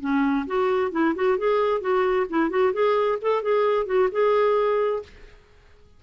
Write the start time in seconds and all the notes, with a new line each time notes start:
0.00 C#4
0.47 F#4
0.91 E4
1.15 F#4
1.38 G#4
1.81 F#4
2.29 E4
2.50 F#4
2.73 G#4
3.21 A4
3.42 G#4
3.86 F#4
4.11 G#4